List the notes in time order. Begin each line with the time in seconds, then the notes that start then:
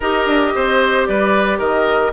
0.00 D#4 G4 A#4 D#5
0.26 D4
0.55 C4 C5
1.05 G3 B4 D5
1.58 D#3 A#4 D#5